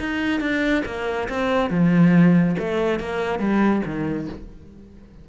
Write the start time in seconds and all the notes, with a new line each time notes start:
0.00 D#4
0.41 D4
0.86 A#3
1.29 C4
1.70 F3
2.59 A3
3.00 A#3
3.40 G3
3.86 D#3